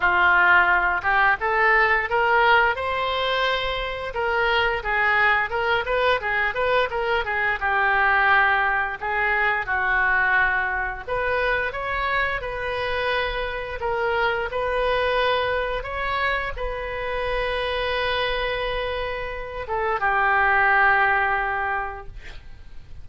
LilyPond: \new Staff \with { instrumentName = "oboe" } { \time 4/4 \tempo 4 = 87 f'4. g'8 a'4 ais'4 | c''2 ais'4 gis'4 | ais'8 b'8 gis'8 b'8 ais'8 gis'8 g'4~ | g'4 gis'4 fis'2 |
b'4 cis''4 b'2 | ais'4 b'2 cis''4 | b'1~ | b'8 a'8 g'2. | }